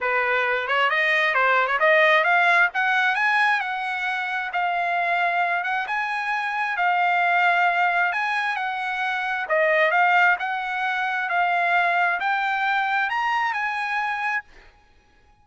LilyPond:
\new Staff \with { instrumentName = "trumpet" } { \time 4/4 \tempo 4 = 133 b'4. cis''8 dis''4 c''8. cis''16 | dis''4 f''4 fis''4 gis''4 | fis''2 f''2~ | f''8 fis''8 gis''2 f''4~ |
f''2 gis''4 fis''4~ | fis''4 dis''4 f''4 fis''4~ | fis''4 f''2 g''4~ | g''4 ais''4 gis''2 | }